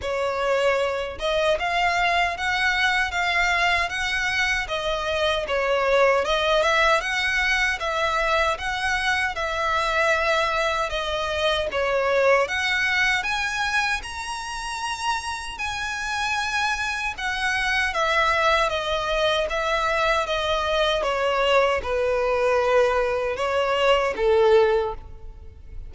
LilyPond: \new Staff \with { instrumentName = "violin" } { \time 4/4 \tempo 4 = 77 cis''4. dis''8 f''4 fis''4 | f''4 fis''4 dis''4 cis''4 | dis''8 e''8 fis''4 e''4 fis''4 | e''2 dis''4 cis''4 |
fis''4 gis''4 ais''2 | gis''2 fis''4 e''4 | dis''4 e''4 dis''4 cis''4 | b'2 cis''4 a'4 | }